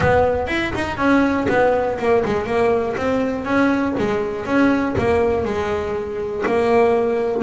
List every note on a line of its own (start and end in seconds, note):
0.00 0.47 B3
0.47 0.72 E4
0.74 0.97 D#4
0.97 1.47 C#4
1.48 1.97 B3
1.98 2.23 A#3
2.25 2.46 G#3
2.46 2.95 A#3
2.96 3.44 C4
3.44 3.94 C#4
3.98 4.45 G#3
4.45 4.95 C#4
4.97 5.44 A#3
5.44 6.43 G#3
6.46 7.42 A#3